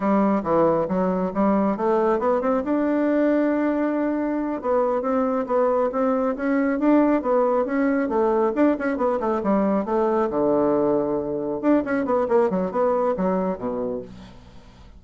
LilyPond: \new Staff \with { instrumentName = "bassoon" } { \time 4/4 \tempo 4 = 137 g4 e4 fis4 g4 | a4 b8 c'8 d'2~ | d'2~ d'8 b4 c'8~ | c'8 b4 c'4 cis'4 d'8~ |
d'8 b4 cis'4 a4 d'8 | cis'8 b8 a8 g4 a4 d8~ | d2~ d8 d'8 cis'8 b8 | ais8 fis8 b4 fis4 b,4 | }